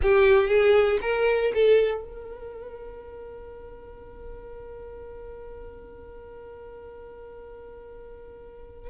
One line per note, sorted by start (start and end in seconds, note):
0.02 0.47 G4
0.47 0.98 G#4
1.01 1.52 A#4
1.54 2.04 A4
2.04 8.90 A#4